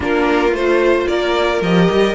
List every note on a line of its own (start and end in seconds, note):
0.00 0.51 A#3
0.00 0.49 D4
0.00 1.07 F4
0.00 0.54 A#4
0.51 1.05 A3
0.51 1.62 F4
0.51 1.07 C5
1.07 1.61 A#3
1.07 2.15 A#4
1.07 1.61 D5
1.61 1.88 F3
1.61 2.15 G4
1.61 2.15 D#5
1.90 2.15 G3